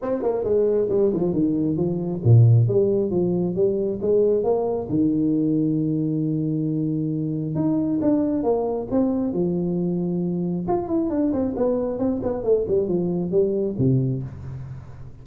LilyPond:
\new Staff \with { instrumentName = "tuba" } { \time 4/4 \tempo 4 = 135 c'8 ais8 gis4 g8 f8 dis4 | f4 ais,4 g4 f4 | g4 gis4 ais4 dis4~ | dis1~ |
dis4 dis'4 d'4 ais4 | c'4 f2. | f'8 e'8 d'8 c'8 b4 c'8 b8 | a8 g8 f4 g4 c4 | }